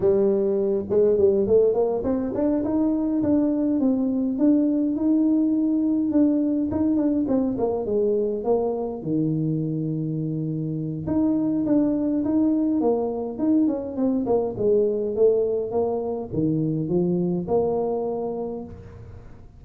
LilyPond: \new Staff \with { instrumentName = "tuba" } { \time 4/4 \tempo 4 = 103 g4. gis8 g8 a8 ais8 c'8 | d'8 dis'4 d'4 c'4 d'8~ | d'8 dis'2 d'4 dis'8 | d'8 c'8 ais8 gis4 ais4 dis8~ |
dis2. dis'4 | d'4 dis'4 ais4 dis'8 cis'8 | c'8 ais8 gis4 a4 ais4 | dis4 f4 ais2 | }